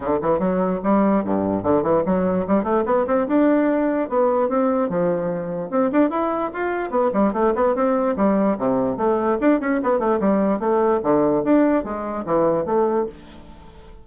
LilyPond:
\new Staff \with { instrumentName = "bassoon" } { \time 4/4 \tempo 4 = 147 d8 e8 fis4 g4 g,4 | d8 e8 fis4 g8 a8 b8 c'8 | d'2 b4 c'4 | f2 c'8 d'8 e'4 |
f'4 b8 g8 a8 b8 c'4 | g4 c4 a4 d'8 cis'8 | b8 a8 g4 a4 d4 | d'4 gis4 e4 a4 | }